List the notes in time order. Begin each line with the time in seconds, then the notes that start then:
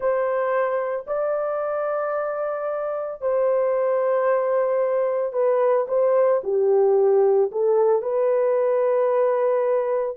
0.00 C5
1.07 D5
3.21 C5
5.33 B4
5.88 C5
6.43 G4
7.51 A4
8.02 B4